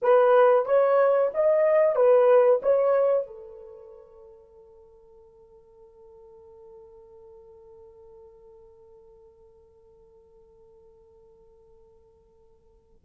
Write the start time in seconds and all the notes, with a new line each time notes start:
0.01 B4
0.65 C#5
1.33 D#5
1.95 B4
2.62 C#5
3.26 A4